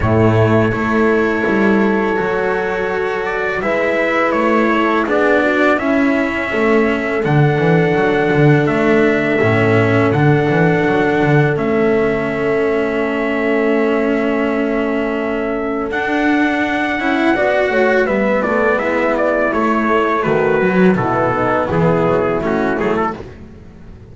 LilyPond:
<<
  \new Staff \with { instrumentName = "trumpet" } { \time 4/4 \tempo 4 = 83 cis''1~ | cis''8 d''8 e''4 cis''4 d''4 | e''2 fis''2 | e''2 fis''2 |
e''1~ | e''2 fis''2~ | fis''4 e''8 d''8 e''8 d''8 cis''4 | b'4 a'4 gis'4 fis'8 gis'16 a'16 | }
  \new Staff \with { instrumentName = "horn" } { \time 4/4 e'4 a'2.~ | a'4 b'4. a'8 gis'8 fis'8 | e'4 a'2.~ | a'1~ |
a'1~ | a'1 | d''8 cis''8 b'8 a'8 e'2 | fis'4 e'8 dis'8 e'2 | }
  \new Staff \with { instrumentName = "cello" } { \time 4/4 a4 e'2 fis'4~ | fis'4 e'2 d'4 | cis'2 d'2~ | d'4 cis'4 d'2 |
cis'1~ | cis'2 d'4. e'8 | fis'4 b2 a4~ | a8 fis8 b2 cis'8 a8 | }
  \new Staff \with { instrumentName = "double bass" } { \time 4/4 a,4 a4 g4 fis4~ | fis4 gis4 a4 b4 | cis'4 a4 d8 e8 fis8 d8 | a4 a,4 d8 e8 fis8 d8 |
a1~ | a2 d'4. cis'8 | b8 a8 g8 a8 gis4 a4 | dis4 b,4 e8 fis8 a8 fis8 | }
>>